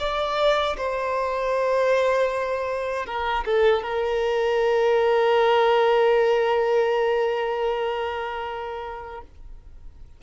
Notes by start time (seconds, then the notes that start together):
0.00 D5
0.78 C5
3.06 A#4
3.45 A4
3.84 A#4